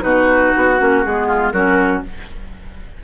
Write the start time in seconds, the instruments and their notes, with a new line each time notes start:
0.00 bassoon B2, clarinet D#4, oboe F#4, flute B4
0.51 bassoon B3, flute F#4
0.79 bassoon A#3, clarinet C#4
1.02 bassoon G#3, clarinet B3, flute G#4
1.27 oboe F4
1.51 bassoon F#3, clarinet C#4, oboe F#4, flute A#4